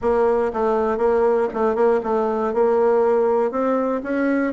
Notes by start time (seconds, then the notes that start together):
0.01 A#3
0.53 A3
0.97 A#3
1.53 A3
1.75 A#3
2.03 A3
2.53 A#3
3.51 C4
4.03 C#4